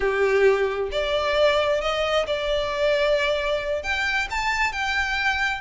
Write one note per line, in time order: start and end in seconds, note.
0.00 0.89 G4
0.91 1.81 D5
1.81 2.26 D#5
2.26 3.82 D5
3.82 4.28 G5
4.30 4.72 A5
4.72 5.61 G5